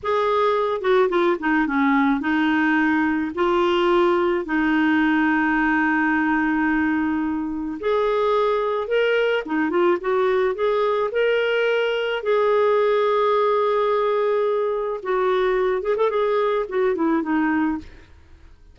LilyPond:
\new Staff \with { instrumentName = "clarinet" } { \time 4/4 \tempo 4 = 108 gis'4. fis'8 f'8 dis'8 cis'4 | dis'2 f'2 | dis'1~ | dis'2 gis'2 |
ais'4 dis'8 f'8 fis'4 gis'4 | ais'2 gis'2~ | gis'2. fis'4~ | fis'8 gis'16 a'16 gis'4 fis'8 e'8 dis'4 | }